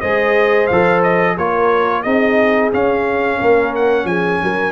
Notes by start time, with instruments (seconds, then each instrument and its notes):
0.00 tuba G#3, trombone G#4, horn C5, trumpet D#5
0.67 tuba F3, trombone A4, trumpet F5
1.02 trumpet D#5
1.36 tuba A#3, trombone F4, horn A#4, trumpet C#5
2.02 tuba C4, trombone D#4, horn G#4, trumpet D#5
2.72 trombone C#4, tuba C#4, trumpet F5
3.37 tuba A#3, horn A#4
3.75 trumpet F#5
4.04 tuba F3, horn G#4, trumpet G#5
4.42 tuba F#3, horn A#4